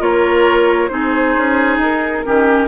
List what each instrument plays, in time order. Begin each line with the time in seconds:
0.00 bassoon A#3, clarinet F4, oboe A#4, flute C#5
0.89 bassoon C4, clarinet D#4, oboe G#4, flute C5
1.37 bassoon C#4
1.78 bassoon D#4, flute A#4
2.25 bassoon D#3, clarinet C#4, oboe G4